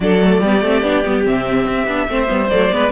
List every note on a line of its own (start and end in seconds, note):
0.00 0.40 F#3
0.00 0.20 D4
0.00 0.41 A4
0.00 1.26 D5
0.20 0.40 A3
0.40 0.61 G3
0.40 0.64 B3
0.40 2.07 G4
0.61 0.82 A3
0.61 0.83 C4
0.82 1.03 B3
0.82 1.04 D4
1.04 1.27 G3
1.04 1.24 B3
1.24 1.67 C3
1.24 1.87 C4
1.24 2.49 E5
1.67 1.86 C4
1.86 2.07 B3
1.86 2.08 D4
2.08 2.28 A3
2.08 2.26 C4
2.08 2.74 C5
2.26 2.51 G3
2.26 2.47 B3
2.49 2.71 F#3
2.49 2.70 A3
2.49 2.91 D5
2.70 2.91 G#3
2.70 2.91 B3
2.70 2.91 B4